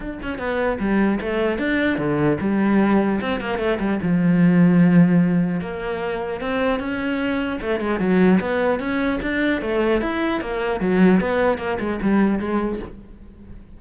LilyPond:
\new Staff \with { instrumentName = "cello" } { \time 4/4 \tempo 4 = 150 d'8 cis'8 b4 g4 a4 | d'4 d4 g2 | c'8 ais8 a8 g8 f2~ | f2 ais2 |
c'4 cis'2 a8 gis8 | fis4 b4 cis'4 d'4 | a4 e'4 ais4 fis4 | b4 ais8 gis8 g4 gis4 | }